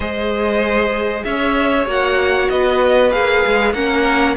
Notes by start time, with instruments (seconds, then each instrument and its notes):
0.00 cello G#3, viola G#4, violin C5 D#5
1.24 cello C#4, violin C#5 E5
1.86 cello A#3, viola F#4, violin F#5
2.49 cello B3, violin B4 D#5
3.10 cello A#3, viola G#4, violin F5
3.46 cello G#3
3.73 cello A#3, viola C#4, violin A#4 F#5